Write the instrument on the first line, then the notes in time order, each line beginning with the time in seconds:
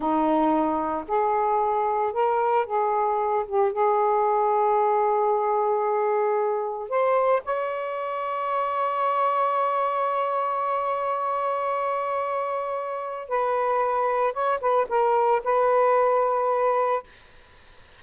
saxophone
0.00 D#4
1.07 G#4
2.12 A#4
2.66 G#4
3.46 G4
3.72 G#4
6.89 C5
7.44 C#5
13.28 B4
14.33 C#5
14.60 B4
14.88 A#4
15.43 B4